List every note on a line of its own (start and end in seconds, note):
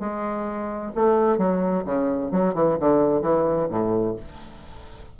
0.00 0.92 G#3
0.95 1.38 A3
1.38 1.84 F#3
1.85 2.32 C#3
2.32 2.54 F#3
2.54 2.78 E3
2.80 3.22 D3
3.22 3.68 E3
3.70 4.16 A2